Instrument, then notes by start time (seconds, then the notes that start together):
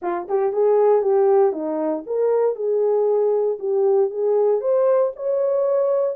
horn
0.02 F4
0.28 G4
0.53 G#4
1.02 G4
1.52 D#4
2.06 A#4
2.55 G#4
3.59 G4
4.10 G#4
4.60 C5
5.16 C#5